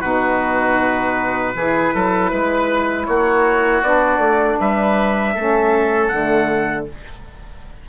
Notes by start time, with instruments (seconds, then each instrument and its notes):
0.00 bassoon B2, saxophone D#4, oboe F#4, trumpet B4
1.55 bassoon E3, saxophone E4, oboe G#4
1.94 bassoon F#3, oboe A4
2.30 bassoon G#3, oboe B4
3.06 bassoon A#3, oboe F#4, trumpet C#5
3.82 bassoon B3, saxophone D4, trumpet D5
4.18 bassoon A3
4.59 bassoon G3, oboe B4, trumpet E5
5.34 bassoon A3, saxophone C#4, oboe A4
6.08 bassoon D3, saxophone A3, trumpet F#5